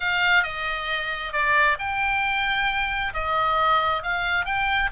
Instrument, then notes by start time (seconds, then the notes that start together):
oboe
0.00 F5
0.43 D#5
1.32 D5
1.78 G5
3.13 D#5
4.03 F5
4.45 G5